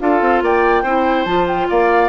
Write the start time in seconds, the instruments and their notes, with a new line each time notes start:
0.00 bassoon D4, clarinet F4, oboe A4, flute F5
0.21 bassoon C4
0.42 bassoon A#3, oboe D5, flute G5
0.83 bassoon C4, clarinet E4, oboe C5
1.25 bassoon F3, clarinet F4, flute A5
1.47 flute G5
1.69 bassoon A#3, oboe D5, flute F5